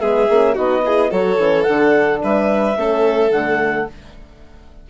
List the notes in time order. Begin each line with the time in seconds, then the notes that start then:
0.00 G#3 B3 G#4 E5
0.29 A#3 C#4
0.54 B3 D#4 F#4 D#5
0.85 E4 G#4
1.10 F#3 F#4 A4 C#5
1.38 E3 C#4
1.63 D3 F#5
1.69 D4
2.23 G3 B4 E5
2.76 A3 C#4 A4
3.31 D3 A3 F#5